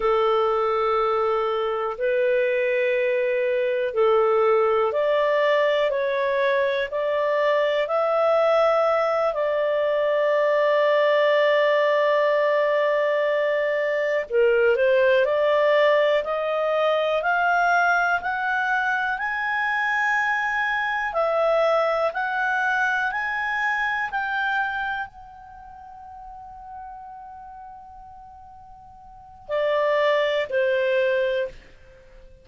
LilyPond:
\new Staff \with { instrumentName = "clarinet" } { \time 4/4 \tempo 4 = 61 a'2 b'2 | a'4 d''4 cis''4 d''4 | e''4. d''2~ d''8~ | d''2~ d''8 ais'8 c''8 d''8~ |
d''8 dis''4 f''4 fis''4 gis''8~ | gis''4. e''4 fis''4 gis''8~ | gis''8 g''4 fis''2~ fis''8~ | fis''2 d''4 c''4 | }